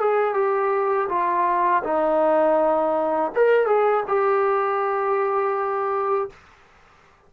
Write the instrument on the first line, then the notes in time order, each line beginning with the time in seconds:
trombone
0.00 G#4
0.34 G4
1.09 F4
1.84 D#4
3.35 A#4
3.67 G#4
4.08 G4